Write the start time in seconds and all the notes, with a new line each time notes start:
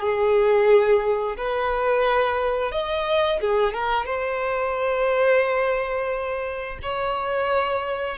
0.00 G#4
1.37 B4
2.72 D#5
3.41 G#4
3.74 A#4
4.06 C5
6.82 C#5